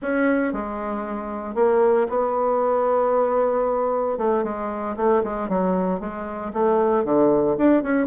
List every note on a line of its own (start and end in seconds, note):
0.01 0.52 C#4
0.52 1.55 G#3
1.55 2.07 A#3
2.09 4.17 B3
4.17 4.43 A3
4.43 4.95 G#3
4.96 5.22 A3
5.23 5.49 G#3
5.49 6.00 F#3
6.00 6.52 G#3
6.53 7.04 A3
7.04 7.56 D3
7.57 7.82 D4
7.82 8.06 C#4